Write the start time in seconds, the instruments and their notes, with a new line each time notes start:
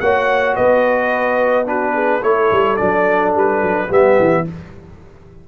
0.00 tuba A#3, trombone F#4, horn C#5, trumpet F#5
0.55 tuba B3, horn B4, trumpet D#5
1.65 trombone D4, horn F#4, trumpet B4
1.94 horn G#4
2.22 tuba A3, trombone E4, horn A4, trumpet C#5
2.52 tuba G3
2.77 tuba F#3, trombone D4, trumpet D5
3.35 tuba G3, trumpet B4
3.62 tuba F#3
3.89 tuba G3, trombone B3, horn G4, trumpet E5
4.19 tuba E3